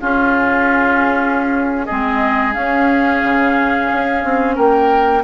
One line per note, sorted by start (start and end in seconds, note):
0.00 1.87 C#4
0.00 1.85 F4
0.00 1.85 G#4
1.85 2.55 G#3
1.85 2.53 C4
1.85 4.55 G#4
1.85 2.53 D#5
2.53 5.22 C#4
2.53 3.22 C#4
2.53 4.55 F5
3.23 3.90 C#3
3.91 4.24 C#4
4.24 4.57 C4
4.55 5.24 A#3
4.55 5.22 A#4
4.55 5.24 G5